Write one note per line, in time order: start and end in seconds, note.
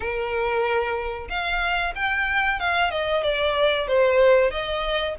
0.00 1.28 A#4
1.29 1.93 F5
1.95 2.59 G5
2.59 2.90 F5
2.90 3.23 D#5
3.23 3.87 D5
3.87 4.50 C5
4.50 5.15 D#5